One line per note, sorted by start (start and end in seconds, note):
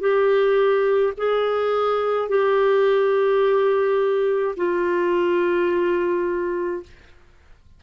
0.00 1.13 G4
1.18 2.29 G#4
2.29 4.55 G4
4.56 6.83 F4